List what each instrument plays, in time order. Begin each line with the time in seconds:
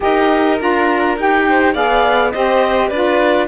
0.00 cello D#4, saxophone G4, violin A#4, clarinet D#5
0.59 cello D4, saxophone F4, clarinet A#5
1.17 cello D#4, saxophone G4, clarinet G5
1.48 violin C5
1.73 cello B3, saxophone G#4, violin D5, clarinet F5
2.31 cello C4, saxophone G4, violin C5, clarinet D#5
2.88 cello D4, saxophone F4, violin B4, clarinet D5